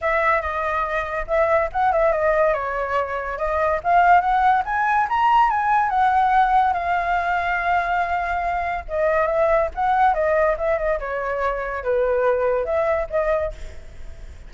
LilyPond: \new Staff \with { instrumentName = "flute" } { \time 4/4 \tempo 4 = 142 e''4 dis''2 e''4 | fis''8 e''8 dis''4 cis''2 | dis''4 f''4 fis''4 gis''4 | ais''4 gis''4 fis''2 |
f''1~ | f''4 dis''4 e''4 fis''4 | dis''4 e''8 dis''8 cis''2 | b'2 e''4 dis''4 | }